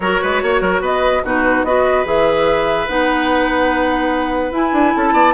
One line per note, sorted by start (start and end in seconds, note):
0.00 0.19 F#3
0.00 1.24 F#4
0.00 0.21 A#4
0.00 0.81 C#5
0.21 0.42 G#3
0.21 0.42 B4
0.42 0.60 A#3
0.42 0.61 C#5
0.60 0.80 F#3
0.60 0.81 A#4
0.80 1.21 B3
0.80 1.22 B4
0.80 1.25 D#5
1.23 1.63 B2
1.23 1.66 D#4
1.23 1.66 F#4
1.23 1.64 B4
1.63 2.04 B3
1.63 2.04 F#4
1.63 4.94 B4
1.63 2.05 D#5
2.04 2.87 E3
2.04 2.87 G#4
2.04 2.87 E5
2.87 4.51 B3
2.87 4.52 D#4
2.87 4.52 F#5
4.51 4.72 E4
4.51 5.34 E4
4.51 4.95 G#5
4.72 4.92 D4
4.95 5.12 C#4
4.95 5.13 A4
4.95 5.34 A5
5.12 5.33 B3
5.12 5.34 D5